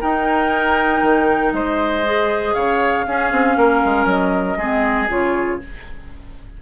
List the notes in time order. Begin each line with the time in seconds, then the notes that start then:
0.00 D#4 A#4 G5
1.02 D#3
1.52 G#3 C5 D#5
2.04 G#4
2.54 C#3 C#5 F5
3.06 C#4 G#4
3.31 C4
3.56 A#3 A#4
3.84 G#3
4.05 F#3 D#5
4.57 G#3 C4 G#4
5.08 C#3 F4 C#5